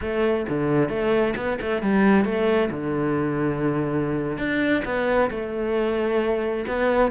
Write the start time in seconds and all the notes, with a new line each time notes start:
0.01 A3
0.48 D3
0.89 A3
1.36 B3
1.61 A3
1.82 G3
2.24 A3
2.70 D3
4.38 D4
4.85 B3
5.30 A3
6.67 B3